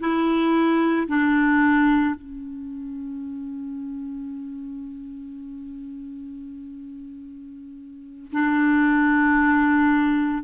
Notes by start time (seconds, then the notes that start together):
0.00 E4
1.08 D4
2.15 C#4
8.32 D4